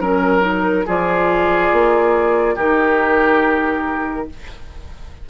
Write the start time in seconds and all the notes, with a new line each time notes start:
0.00 F#3 C#4 A#4
0.41 D#4
0.86 F3 F4 G#4 D5
1.72 A#3
2.55 D#3 D#4 G4 A#4